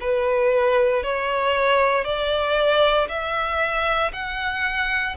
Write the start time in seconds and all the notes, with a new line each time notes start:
0.00 B4
1.03 C#5
2.04 D5
3.08 E5
4.12 F#5